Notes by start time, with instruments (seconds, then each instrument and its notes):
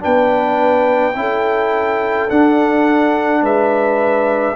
0.00 tuba B3, trombone D4, horn B4, trumpet G5
1.15 tuba C#4, trombone E4, horn A4
2.30 trombone D4, tuba D4, trumpet F#5
3.42 tuba G#3, horn B4, trumpet E5